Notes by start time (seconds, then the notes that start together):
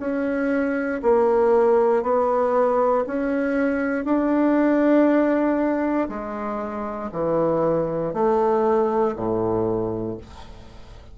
0.00 C#4
1.03 A#3
2.03 B3
3.07 C#4
4.05 D4
6.09 G#3
7.12 E3
8.14 A3
9.16 A2